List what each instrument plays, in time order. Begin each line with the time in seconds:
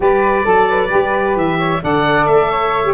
0.00 tuba G3, saxophone G4, flute B4, oboe D5
0.44 tuba F#3, saxophone A4, flute A4
0.69 flute B4
0.88 tuba G3, saxophone G4
1.35 tuba E3, oboe E5
1.58 flute C#5
1.82 tuba D3, saxophone A4, flute D5, oboe F#5
2.25 tuba A3, oboe E5
2.51 flute C#5
2.84 saxophone G4